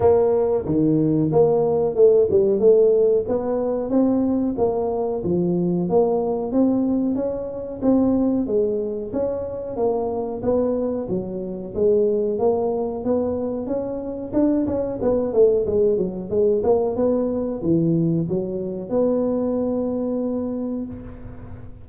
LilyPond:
\new Staff \with { instrumentName = "tuba" } { \time 4/4 \tempo 4 = 92 ais4 dis4 ais4 a8 g8 | a4 b4 c'4 ais4 | f4 ais4 c'4 cis'4 | c'4 gis4 cis'4 ais4 |
b4 fis4 gis4 ais4 | b4 cis'4 d'8 cis'8 b8 a8 | gis8 fis8 gis8 ais8 b4 e4 | fis4 b2. | }